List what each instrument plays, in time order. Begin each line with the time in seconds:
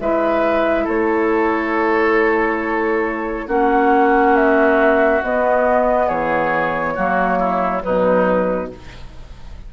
0.00 bassoon G#3, clarinet E4, oboe B4, flute E5
0.84 bassoon A3, oboe A4, flute C#5
3.48 bassoon A#3, clarinet C#4, oboe F#4, flute F#5
4.35 flute E5
5.22 clarinet B3, bassoon B3, flute D#5
6.07 bassoon E3, oboe G#4, flute C#5
6.95 bassoon F#3, clarinet A#3, oboe F#4
7.39 oboe E4
7.80 clarinet F#3, oboe D#4, flute B4
7.86 bassoon B2